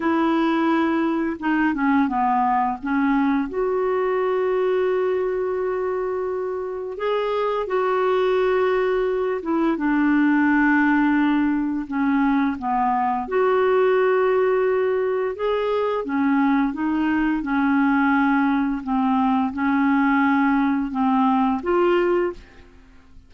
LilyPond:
\new Staff \with { instrumentName = "clarinet" } { \time 4/4 \tempo 4 = 86 e'2 dis'8 cis'8 b4 | cis'4 fis'2.~ | fis'2 gis'4 fis'4~ | fis'4. e'8 d'2~ |
d'4 cis'4 b4 fis'4~ | fis'2 gis'4 cis'4 | dis'4 cis'2 c'4 | cis'2 c'4 f'4 | }